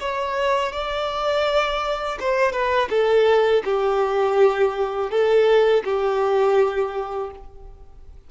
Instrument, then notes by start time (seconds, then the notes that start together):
violin
0.00 C#5
0.72 D5
2.20 C5
2.52 B4
2.90 A4
3.65 G4
5.10 A4
5.84 G4